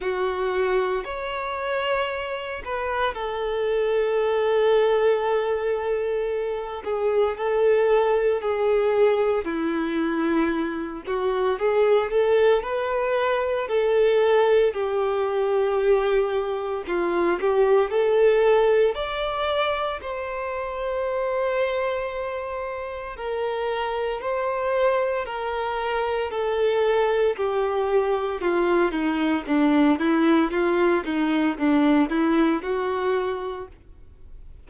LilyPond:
\new Staff \with { instrumentName = "violin" } { \time 4/4 \tempo 4 = 57 fis'4 cis''4. b'8 a'4~ | a'2~ a'8 gis'8 a'4 | gis'4 e'4. fis'8 gis'8 a'8 | b'4 a'4 g'2 |
f'8 g'8 a'4 d''4 c''4~ | c''2 ais'4 c''4 | ais'4 a'4 g'4 f'8 dis'8 | d'8 e'8 f'8 dis'8 d'8 e'8 fis'4 | }